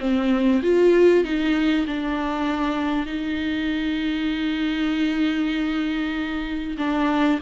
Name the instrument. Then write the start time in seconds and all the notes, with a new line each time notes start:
viola
0.00 C4
0.62 F4
1.24 D#4
1.87 D4
3.06 D#4
6.78 D4